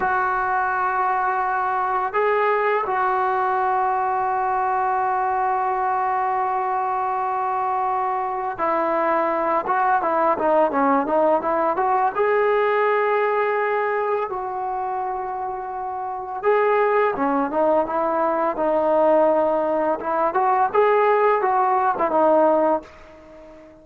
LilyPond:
\new Staff \with { instrumentName = "trombone" } { \time 4/4 \tempo 4 = 84 fis'2. gis'4 | fis'1~ | fis'1 | e'4. fis'8 e'8 dis'8 cis'8 dis'8 |
e'8 fis'8 gis'2. | fis'2. gis'4 | cis'8 dis'8 e'4 dis'2 | e'8 fis'8 gis'4 fis'8. e'16 dis'4 | }